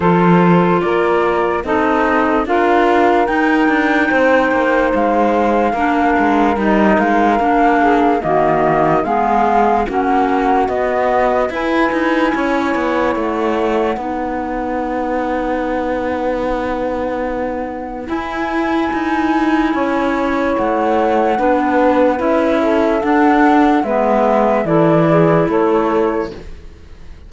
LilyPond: <<
  \new Staff \with { instrumentName = "flute" } { \time 4/4 \tempo 4 = 73 c''4 d''4 dis''4 f''4 | g''2 f''2 | dis''8 f''4. dis''4 f''4 | fis''4 dis''4 gis''2 |
fis''1~ | fis''2 gis''2~ | gis''4 fis''2 e''4 | fis''4 e''4 d''4 cis''4 | }
  \new Staff \with { instrumentName = "saxophone" } { \time 4/4 a'4 ais'4 a'4 ais'4~ | ais'4 c''2 ais'4~ | ais'4. gis'8 fis'4 gis'4 | fis'2 b'4 cis''4~ |
cis''4 b'2.~ | b'1 | cis''2 b'4. a'8~ | a'4 b'4 a'8 gis'8 a'4 | }
  \new Staff \with { instrumentName = "clarinet" } { \time 4/4 f'2 dis'4 f'4 | dis'2. d'4 | dis'4 d'4 ais4 b4 | cis'4 b4 e'2~ |
e'4 dis'2.~ | dis'2 e'2~ | e'2 d'4 e'4 | d'4 b4 e'2 | }
  \new Staff \with { instrumentName = "cello" } { \time 4/4 f4 ais4 c'4 d'4 | dis'8 d'8 c'8 ais8 gis4 ais8 gis8 | g8 gis8 ais4 dis4 gis4 | ais4 b4 e'8 dis'8 cis'8 b8 |
a4 b2.~ | b2 e'4 dis'4 | cis'4 a4 b4 cis'4 | d'4 gis4 e4 a4 | }
>>